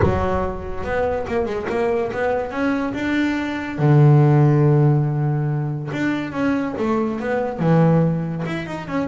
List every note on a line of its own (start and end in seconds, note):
0.02 0.83 F#3
0.83 1.26 B3
1.27 1.45 A#3
1.45 1.66 G#3
1.69 2.11 A#3
2.12 2.51 B3
2.51 2.93 C#4
2.93 3.78 D4
3.78 5.89 D3
5.92 6.32 D4
6.32 6.74 C#4
6.78 7.20 A3
7.20 7.59 B3
7.59 8.43 E3
8.45 8.66 E4
8.66 8.87 D#4
8.87 9.08 C#4